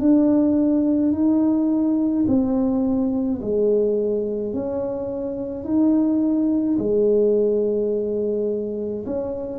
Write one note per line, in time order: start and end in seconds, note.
0.00 1.12 D4
1.12 2.25 D#4
2.27 3.41 C4
3.41 4.53 G#3
4.53 5.64 C#4
5.64 6.78 D#4
6.79 9.05 G#3
9.06 9.59 C#4